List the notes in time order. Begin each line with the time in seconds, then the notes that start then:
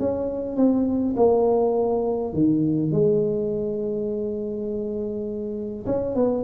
0.00 C#4
0.57 C4
1.17 A#3
2.34 D#3
2.92 G#3
5.87 C#4
6.16 B3